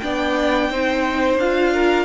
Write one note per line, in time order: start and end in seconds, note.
0.00 0.70 B3
0.00 0.71 D4
0.00 0.71 D5
0.00 1.38 G5
0.70 1.37 C4
0.70 1.40 D#4
0.70 1.74 C5
1.37 2.06 D4
1.37 2.06 F4
1.37 2.06 F5
1.74 2.06 A#4